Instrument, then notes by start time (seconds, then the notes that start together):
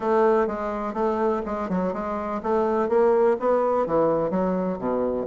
bassoon
0.00 A3
0.47 G#3
0.93 A3
1.45 G#3
1.69 F#3
1.93 G#3
2.42 A3
2.88 A#3
3.39 B3
3.86 E3
4.30 F#3
4.78 B2